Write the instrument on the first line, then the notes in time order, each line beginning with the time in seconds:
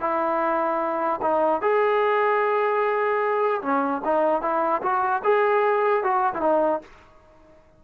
trombone
0.00 E4
1.22 D#4
1.61 G#4
3.62 C#4
4.04 D#4
4.42 E4
4.82 F#4
5.24 G#4
6.03 F#4
6.34 E4
6.41 D#4